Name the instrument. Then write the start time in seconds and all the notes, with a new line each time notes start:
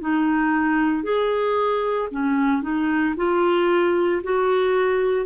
clarinet
0.00 D#4
1.03 G#4
2.11 C#4
2.62 D#4
3.16 F4
4.23 F#4